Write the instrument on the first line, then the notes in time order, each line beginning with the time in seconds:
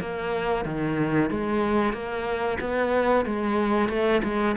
cello
0.00 A#3
0.65 D#3
1.30 G#3
1.93 A#3
2.60 B3
3.25 G#3
3.89 A3
4.23 G#3